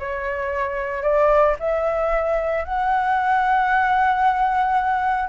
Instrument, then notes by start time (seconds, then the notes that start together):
flute
0.00 C#5
1.03 D5
1.60 E5
2.65 F#5